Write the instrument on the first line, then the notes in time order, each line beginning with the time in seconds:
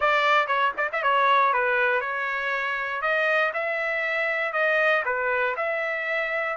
trumpet
0.00 D5
0.47 C#5
0.77 D5
0.92 E5
1.02 C#5
1.53 B4
2.00 C#5
3.01 D#5
3.53 E5
4.52 D#5
5.05 B4
5.56 E5